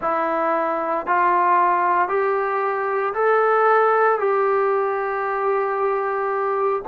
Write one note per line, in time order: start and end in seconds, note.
0.01 1.06 E4
1.06 2.08 F4
2.08 3.13 G4
3.13 4.19 A4
4.19 6.82 G4